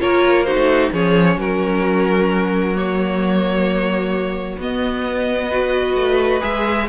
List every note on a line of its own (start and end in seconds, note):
0.00 0.55 A#3
0.00 0.46 F4
0.00 0.47 A#4
0.00 0.44 C#5
0.44 0.93 D#4
0.44 0.92 F#4
0.44 0.90 C5
0.55 0.90 A3
0.93 1.36 F3
0.93 2.75 C#4
0.93 1.37 G#4
0.93 1.40 C#5
1.36 4.57 F#3
1.36 5.48 F#4
1.36 2.76 A#4
2.75 4.59 A#3
2.75 4.60 C#5
4.58 5.95 B3
4.58 5.52 B3
4.58 6.43 D#5
5.48 6.41 F#4
5.48 6.86 B4
5.96 6.42 A3
6.41 6.89 G#3
6.41 6.87 G#4
6.41 6.89 E5